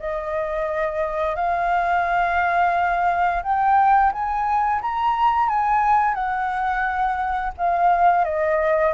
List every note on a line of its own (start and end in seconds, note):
0.00 1.36 D#5
1.36 3.43 F5
3.43 4.12 G5
4.13 4.82 G#5
4.82 5.49 A#5
5.49 6.15 G#5
6.15 7.53 F#5
7.58 8.25 F5
8.25 8.94 D#5